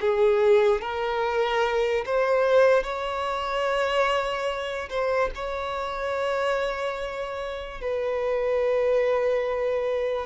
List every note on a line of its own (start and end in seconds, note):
0.00 0.81 G#4
0.81 2.04 A#4
2.05 2.83 C5
2.83 4.89 C#5
4.89 5.30 C5
5.35 7.80 C#5
7.80 10.26 B4